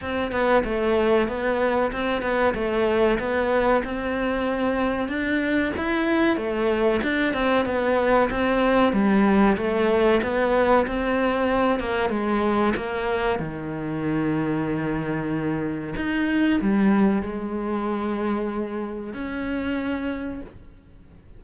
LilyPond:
\new Staff \with { instrumentName = "cello" } { \time 4/4 \tempo 4 = 94 c'8 b8 a4 b4 c'8 b8 | a4 b4 c'2 | d'4 e'4 a4 d'8 c'8 | b4 c'4 g4 a4 |
b4 c'4. ais8 gis4 | ais4 dis2.~ | dis4 dis'4 g4 gis4~ | gis2 cis'2 | }